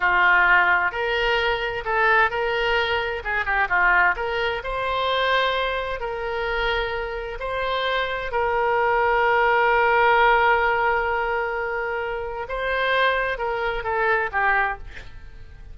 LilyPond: \new Staff \with { instrumentName = "oboe" } { \time 4/4 \tempo 4 = 130 f'2 ais'2 | a'4 ais'2 gis'8 g'8 | f'4 ais'4 c''2~ | c''4 ais'2. |
c''2 ais'2~ | ais'1~ | ais'2. c''4~ | c''4 ais'4 a'4 g'4 | }